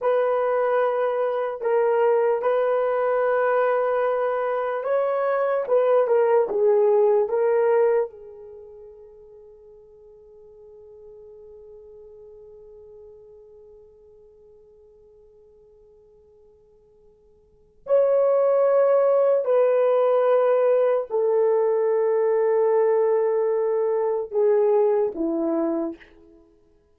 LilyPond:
\new Staff \with { instrumentName = "horn" } { \time 4/4 \tempo 4 = 74 b'2 ais'4 b'4~ | b'2 cis''4 b'8 ais'8 | gis'4 ais'4 gis'2~ | gis'1~ |
gis'1~ | gis'2 cis''2 | b'2 a'2~ | a'2 gis'4 e'4 | }